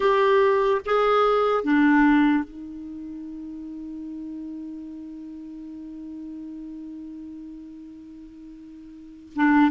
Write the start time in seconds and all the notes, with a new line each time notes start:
0.00 G4
0.85 G#4
1.63 D4
2.44 D#4
9.35 D4